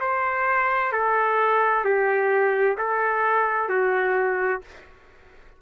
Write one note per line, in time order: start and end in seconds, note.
0.00 0.92 C5
0.92 1.84 A4
1.84 2.77 G4
2.78 3.69 A4
3.69 4.61 F#4